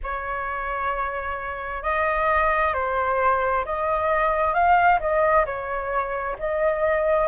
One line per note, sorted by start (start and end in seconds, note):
0.02 1.83 C#5
1.83 2.73 D#5
2.73 3.64 C5
3.65 4.53 D#5
4.53 4.99 F5
5.00 5.45 D#5
5.45 6.36 C#5
6.38 7.27 D#5